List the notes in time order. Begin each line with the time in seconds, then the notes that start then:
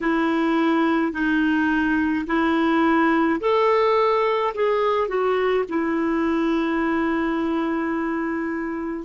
0.00 E4
1.12 D#4
2.26 E4
3.40 A4
4.54 G#4
5.07 F#4
5.69 E4